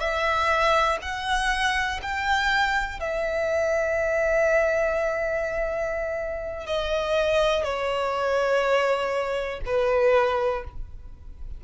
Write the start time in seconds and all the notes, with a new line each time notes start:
0.00 E5
1.02 F#5
2.03 G5
3.00 E5
6.67 D#5
7.64 C#5
9.66 B4